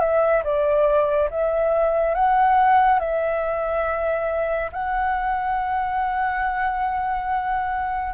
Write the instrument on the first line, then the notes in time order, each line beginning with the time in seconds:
flute
0.00 E5
0.44 D5
1.31 E5
2.15 F#5
3.00 E5
4.72 F#5